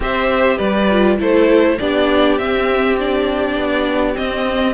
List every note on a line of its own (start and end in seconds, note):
0.00 0.58 C4
0.00 0.88 G4
0.00 0.57 C5
0.00 0.58 E5
0.57 1.18 G3
0.57 1.17 B4
0.57 1.17 D5
0.90 1.18 F4
1.18 1.78 A3
1.18 1.77 E4
1.18 1.79 A4
1.18 1.78 C5
1.78 2.38 B3
1.78 2.38 D4
1.78 4.73 G4
1.78 2.38 D5
2.38 2.98 C4
2.38 3.56 C4
2.38 2.97 E5
2.99 4.13 D4
2.99 4.16 D5
3.56 4.15 B3
4.13 4.73 C4
4.13 4.73 D#5